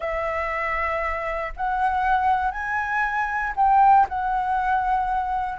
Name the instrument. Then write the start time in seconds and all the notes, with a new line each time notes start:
flute
0.00 E5
1.56 F#5
2.51 G#5
3.56 G5
4.08 F#5